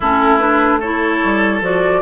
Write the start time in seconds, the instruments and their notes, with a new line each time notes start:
0.00 bassoon A3, clarinet C#4, oboe E4, flute A4
0.37 clarinet D4, flute B4
0.79 clarinet E4, oboe A4, flute C#5
1.23 bassoon G3
1.61 bassoon F3, clarinet F#4, flute D5